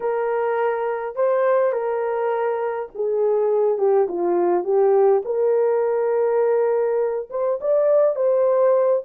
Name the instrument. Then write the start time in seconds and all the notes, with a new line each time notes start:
horn
0.00 A#4
1.15 C5
1.72 A#4
2.94 G#4
3.78 G4
4.08 F4
4.64 G4
5.24 A#4
7.30 C5
7.60 D5
8.15 C5